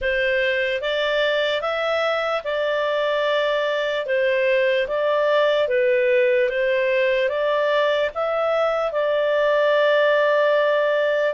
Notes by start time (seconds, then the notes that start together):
0.01 C5
0.81 D5
1.61 E5
2.44 D5
4.06 C5
4.87 D5
5.68 B4
6.49 C5
7.28 D5
8.14 E5
8.92 D5